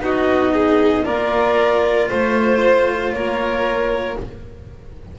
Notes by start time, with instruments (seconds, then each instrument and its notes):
0.00 double bass B3, cello D#4, violin F#4, clarinet D#5
0.54 violin G#4
1.05 double bass A#3, cello F4, violin A#4, clarinet D5
2.08 double bass A3, violin C5, clarinet C5
3.13 double bass A#3, violin A#4, clarinet C#5